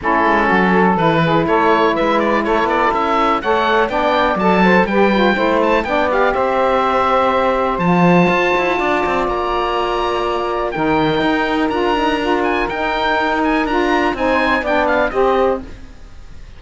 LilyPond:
<<
  \new Staff \with { instrumentName = "oboe" } { \time 4/4 \tempo 4 = 123 a'2 b'4 cis''4 | e''8 d''8 cis''8 d''8 e''4 fis''4 | g''4 a''4 g''4. a''8 | g''8 f''8 e''2. |
a''2. ais''4~ | ais''2 g''2 | ais''4. gis''8 g''4. gis''8 | ais''4 gis''4 g''8 f''8 dis''4 | }
  \new Staff \with { instrumentName = "saxophone" } { \time 4/4 e'4 fis'8 a'4 gis'8 a'4 | b'4 a'2 cis''4 | d''4. c''8 b'4 c''4 | d''4 c''2.~ |
c''2 d''2~ | d''2 ais'2~ | ais'1~ | ais'4 c''4 d''4 c''4 | }
  \new Staff \with { instrumentName = "saxophone" } { \time 4/4 cis'2 e'2~ | e'2. a'4 | d'4 a'4 g'8 f'8 e'4 | d'8 g'2.~ g'8 |
f'1~ | f'2 dis'2 | f'8 dis'8 f'4 dis'2 | f'4 dis'4 d'4 g'4 | }
  \new Staff \with { instrumentName = "cello" } { \time 4/4 a8 gis8 fis4 e4 a4 | gis4 a8 b8 cis'4 a4 | b4 fis4 g4 a4 | b4 c'2. |
f4 f'8 e'8 d'8 c'8 ais4~ | ais2 dis4 dis'4 | d'2 dis'2 | d'4 c'4 b4 c'4 | }
>>